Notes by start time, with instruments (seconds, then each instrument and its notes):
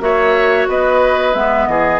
0.00 bassoon A#3, clarinet F#4, oboe C#5, flute E5
0.67 bassoon B3, oboe B4, flute D#5
1.34 bassoon G#3, clarinet B3, flute E5
1.66 bassoon E3, oboe G#4, flute D#5